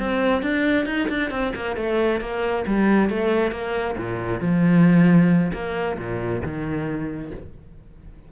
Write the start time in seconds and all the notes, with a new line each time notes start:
0.00 C4
0.43 D4
0.86 D#4
1.09 D4
1.31 C4
1.56 A#3
1.77 A3
2.21 A#3
2.67 G3
3.10 A3
3.52 A#3
3.98 A#2
4.41 F3
5.53 A#3
5.98 A#2
6.43 D#3